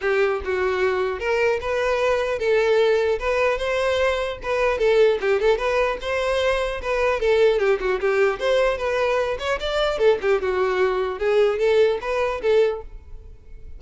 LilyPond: \new Staff \with { instrumentName = "violin" } { \time 4/4 \tempo 4 = 150 g'4 fis'2 ais'4 | b'2 a'2 | b'4 c''2 b'4 | a'4 g'8 a'8 b'4 c''4~ |
c''4 b'4 a'4 g'8 fis'8 | g'4 c''4 b'4. cis''8 | d''4 a'8 g'8 fis'2 | gis'4 a'4 b'4 a'4 | }